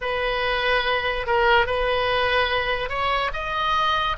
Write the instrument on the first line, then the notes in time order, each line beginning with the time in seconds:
oboe
0.01 B4
1.26 A#4
1.66 B4
2.89 C#5
3.33 D#5